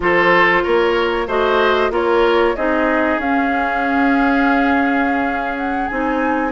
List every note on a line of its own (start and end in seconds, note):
0.00 0.63 F3
0.00 1.28 F4
0.00 0.63 A4
0.00 0.64 C5
0.63 1.27 A#3
0.63 1.27 A#4
0.63 1.27 C#5
1.27 1.90 A3
1.27 1.91 F#4
1.27 1.91 C5
1.27 1.91 D#5
1.90 2.54 A#3
1.90 2.55 F4
1.90 2.55 A#4
1.90 2.56 C#5
2.55 3.17 C4
2.55 3.21 D#4
2.55 6.51 G#4
2.55 3.20 D#5
3.17 5.89 C#4
3.17 5.91 C#4
3.17 5.57 F5
5.57 5.87 F#5
5.87 6.51 C4
5.87 6.51 D#4
5.87 6.51 G#5